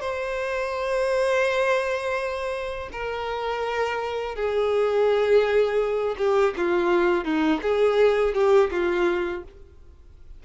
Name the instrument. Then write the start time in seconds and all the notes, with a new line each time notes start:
violin
0.00 C5
2.92 A#4
4.35 G#4
6.18 G4
6.57 F4
7.24 D#4
7.62 G#4
8.34 G4
8.71 F4